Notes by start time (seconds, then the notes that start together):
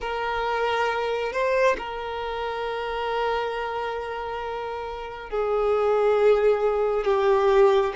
0.00 A#4
1.32 C5
1.78 A#4
5.29 G#4
7.05 G4